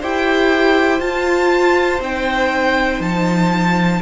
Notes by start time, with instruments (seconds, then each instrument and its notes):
0.00 cello E4, viola G4, violin C5 G5
1.00 cello F4, viola F4, violin A5
2.00 cello C4, viola D#4, violin G5
3.00 cello F3, violin A5